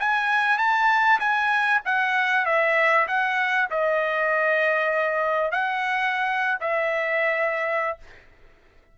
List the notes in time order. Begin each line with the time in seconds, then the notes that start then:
0.00 G#5
0.58 A5
1.20 G#5
1.86 F#5
2.46 E5
3.08 F#5
3.71 D#5
5.52 F#5
6.61 E5